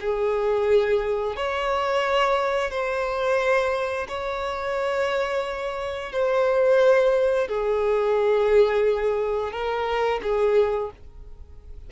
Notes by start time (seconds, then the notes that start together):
0.00 G#4
1.36 C#5
2.71 C5
4.08 C#5
6.12 C5
7.48 G#4
9.52 A#4
10.22 G#4